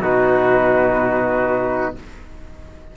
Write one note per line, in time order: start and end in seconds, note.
0.00 1.94 B2
0.00 1.97 D#4
0.00 1.96 F#4
0.00 1.97 B4